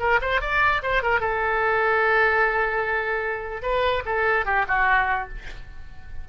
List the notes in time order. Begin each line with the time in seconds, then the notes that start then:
0.00 A#4
0.22 C5
0.41 D5
0.83 C5
1.03 A#4
1.21 A4
3.63 B4
4.06 A4
4.46 G4
4.68 F#4